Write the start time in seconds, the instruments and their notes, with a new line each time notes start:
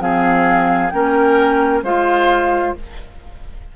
0.00 bassoon F3, clarinet C4, oboe G#4, flute F5
0.90 bassoon A#3, clarinet C#4, oboe A#4, flute G5
1.83 bassoon G#3, clarinet F4, oboe C5, flute F5